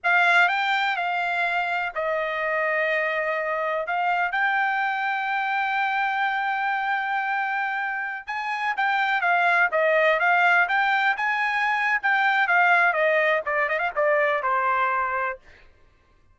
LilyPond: \new Staff \with { instrumentName = "trumpet" } { \time 4/4 \tempo 4 = 125 f''4 g''4 f''2 | dis''1 | f''4 g''2.~ | g''1~ |
g''4~ g''16 gis''4 g''4 f''8.~ | f''16 dis''4 f''4 g''4 gis''8.~ | gis''4 g''4 f''4 dis''4 | d''8 dis''16 f''16 d''4 c''2 | }